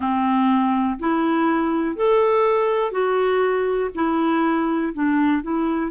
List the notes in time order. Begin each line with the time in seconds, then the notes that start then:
0.00 C4
0.99 E4
1.95 A4
2.92 F#4
3.94 E4
4.93 D4
5.42 E4